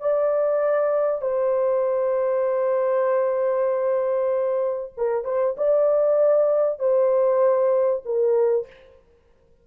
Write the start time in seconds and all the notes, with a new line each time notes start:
0.00 D5
1.22 C5
4.97 A#4
5.24 C5
5.57 D5
6.79 C5
8.05 A#4